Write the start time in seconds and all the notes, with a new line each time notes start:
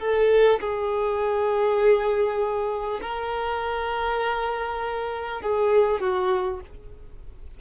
0.00 A4
0.60 G#4
3.02 A#4
5.42 G#4
6.01 F#4